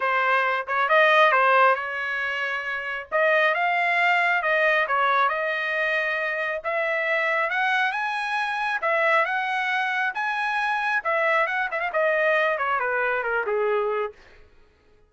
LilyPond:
\new Staff \with { instrumentName = "trumpet" } { \time 4/4 \tempo 4 = 136 c''4. cis''8 dis''4 c''4 | cis''2. dis''4 | f''2 dis''4 cis''4 | dis''2. e''4~ |
e''4 fis''4 gis''2 | e''4 fis''2 gis''4~ | gis''4 e''4 fis''8 e''16 f''16 dis''4~ | dis''8 cis''8 b'4 ais'8 gis'4. | }